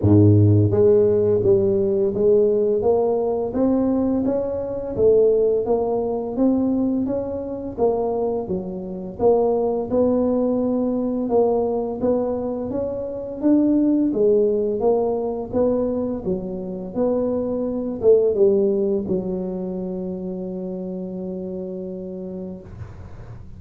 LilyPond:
\new Staff \with { instrumentName = "tuba" } { \time 4/4 \tempo 4 = 85 gis,4 gis4 g4 gis4 | ais4 c'4 cis'4 a4 | ais4 c'4 cis'4 ais4 | fis4 ais4 b2 |
ais4 b4 cis'4 d'4 | gis4 ais4 b4 fis4 | b4. a8 g4 fis4~ | fis1 | }